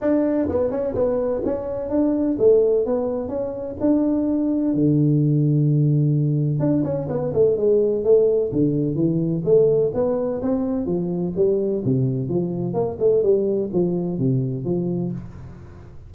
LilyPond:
\new Staff \with { instrumentName = "tuba" } { \time 4/4 \tempo 4 = 127 d'4 b8 cis'8 b4 cis'4 | d'4 a4 b4 cis'4 | d'2 d2~ | d2 d'8 cis'8 b8 a8 |
gis4 a4 d4 e4 | a4 b4 c'4 f4 | g4 c4 f4 ais8 a8 | g4 f4 c4 f4 | }